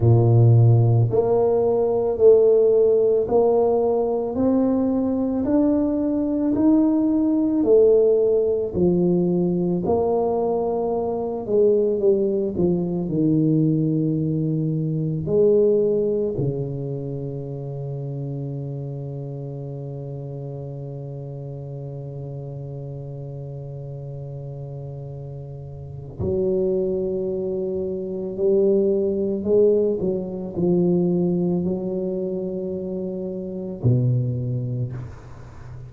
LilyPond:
\new Staff \with { instrumentName = "tuba" } { \time 4/4 \tempo 4 = 55 ais,4 ais4 a4 ais4 | c'4 d'4 dis'4 a4 | f4 ais4. gis8 g8 f8 | dis2 gis4 cis4~ |
cis1~ | cis1 | fis2 g4 gis8 fis8 | f4 fis2 b,4 | }